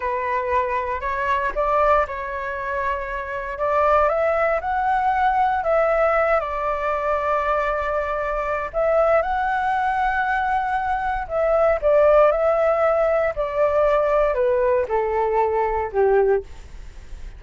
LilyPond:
\new Staff \with { instrumentName = "flute" } { \time 4/4 \tempo 4 = 117 b'2 cis''4 d''4 | cis''2. d''4 | e''4 fis''2 e''4~ | e''8 d''2.~ d''8~ |
d''4 e''4 fis''2~ | fis''2 e''4 d''4 | e''2 d''2 | b'4 a'2 g'4 | }